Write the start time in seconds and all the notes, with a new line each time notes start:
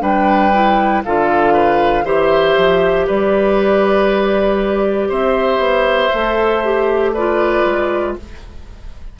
0.00 G3 D4 B4 G5
0.53 E4
1.04 D3 F4 A4 F5
1.53 B4
2.04 E3 G4 C5 E5
2.57 F3
3.07 G3 B4 D5
5.08 C4 C5 E5
5.58 B3
6.13 A3 A4
6.64 G4
7.12 F4 B4 D5
7.65 G#3